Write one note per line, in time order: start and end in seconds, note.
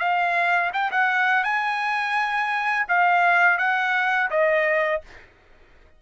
0.00 0.71 F5
0.74 0.92 G5
0.92 1.44 F#5
1.44 2.87 G#5
2.89 3.58 F5
3.58 4.30 F#5
4.31 5.02 D#5